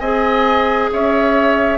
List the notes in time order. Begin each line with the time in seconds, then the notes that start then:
0.00 C4 G#4 D#5 G#5
0.93 C#4 C#5 E5